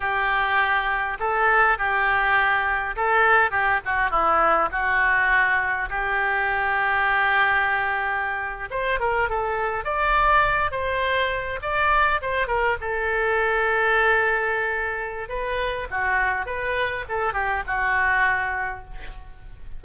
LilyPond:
\new Staff \with { instrumentName = "oboe" } { \time 4/4 \tempo 4 = 102 g'2 a'4 g'4~ | g'4 a'4 g'8 fis'8 e'4 | fis'2 g'2~ | g'2~ g'8. c''8 ais'8 a'16~ |
a'8. d''4. c''4. d''16~ | d''8. c''8 ais'8 a'2~ a'16~ | a'2 b'4 fis'4 | b'4 a'8 g'8 fis'2 | }